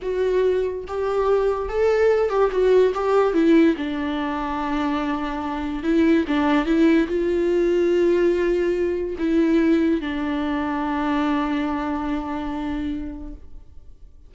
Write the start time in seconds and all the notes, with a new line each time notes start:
0.02 F#4
0.87 G4
1.69 A4
2.29 G4
2.51 F#4
2.94 G4
3.33 E4
3.76 D4
5.83 E4
6.27 D4
6.65 E4
7.07 F4
9.18 E4
10.00 D4